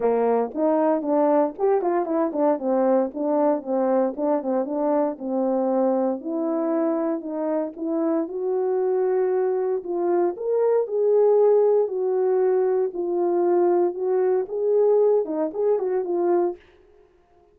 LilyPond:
\new Staff \with { instrumentName = "horn" } { \time 4/4 \tempo 4 = 116 ais4 dis'4 d'4 g'8 f'8 | e'8 d'8 c'4 d'4 c'4 | d'8 c'8 d'4 c'2 | e'2 dis'4 e'4 |
fis'2. f'4 | ais'4 gis'2 fis'4~ | fis'4 f'2 fis'4 | gis'4. dis'8 gis'8 fis'8 f'4 | }